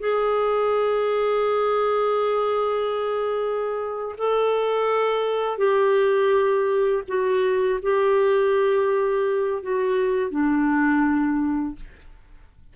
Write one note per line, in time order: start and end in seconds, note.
0.00 4.16 G#4
4.18 5.58 A4
5.58 7.03 G4
7.08 7.80 F#4
7.82 9.63 G4
9.63 10.31 F#4
10.31 11.75 D4